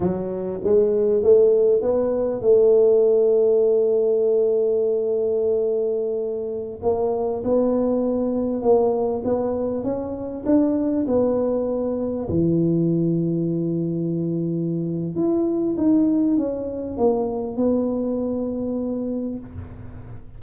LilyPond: \new Staff \with { instrumentName = "tuba" } { \time 4/4 \tempo 4 = 99 fis4 gis4 a4 b4 | a1~ | a2.~ a16 ais8.~ | ais16 b2 ais4 b8.~ |
b16 cis'4 d'4 b4.~ b16~ | b16 e2.~ e8.~ | e4 e'4 dis'4 cis'4 | ais4 b2. | }